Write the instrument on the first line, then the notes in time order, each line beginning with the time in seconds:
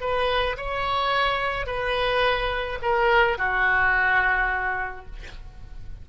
oboe
0.00 B4
0.57 C#5
1.66 B4
2.82 A#4
3.37 F#4